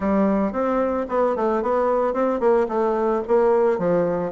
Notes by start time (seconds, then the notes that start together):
0.00 G3
0.52 C4
1.08 B3
1.35 A3
1.62 B3
2.13 C4
2.39 A#3
2.68 A3
3.27 A#3
3.78 F3